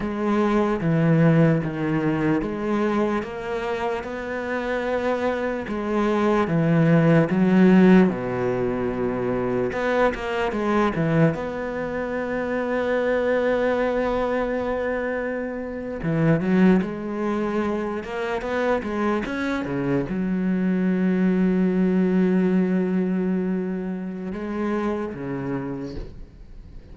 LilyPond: \new Staff \with { instrumentName = "cello" } { \time 4/4 \tempo 4 = 74 gis4 e4 dis4 gis4 | ais4 b2 gis4 | e4 fis4 b,2 | b8 ais8 gis8 e8 b2~ |
b2.~ b8. e16~ | e16 fis8 gis4. ais8 b8 gis8 cis'16~ | cis'16 cis8 fis2.~ fis16~ | fis2 gis4 cis4 | }